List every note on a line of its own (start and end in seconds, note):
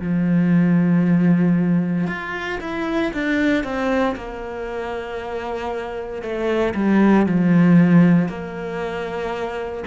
0.00 2.07 F3
2.07 2.59 F4
2.61 3.12 E4
3.13 3.63 D4
3.63 4.15 C4
4.16 6.22 A#3
6.22 6.74 A3
6.74 7.26 G3
7.26 8.29 F3
8.29 9.84 A#3